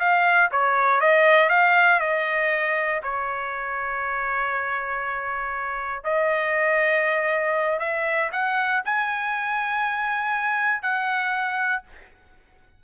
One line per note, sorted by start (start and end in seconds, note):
0.00 0.50 F5
0.52 1.01 C#5
1.01 1.50 D#5
1.50 2.00 F5
2.01 3.01 D#5
3.03 6.04 C#5
6.04 7.80 D#5
7.80 8.30 E5
8.33 8.83 F#5
8.85 10.83 G#5
10.83 11.84 F#5